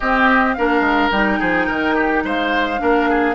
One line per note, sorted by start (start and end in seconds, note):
0.00 0.57 C4
0.00 0.55 G4
0.00 0.53 D#5
0.53 0.80 A#3
0.53 1.12 D4
0.53 1.39 A#4
0.53 1.09 F5
0.80 1.08 G#3
1.11 1.39 G3
1.11 2.78 D#4
1.11 2.23 G5
1.39 1.68 F3
1.39 1.67 G#4
1.67 2.24 D#3
1.67 1.95 A#4
1.95 2.23 G4
2.24 2.80 G#3
2.24 2.80 C5
2.24 3.35 F5
2.78 3.35 A#3
2.78 3.34 D4
2.78 3.09 A#4
3.09 3.35 G#4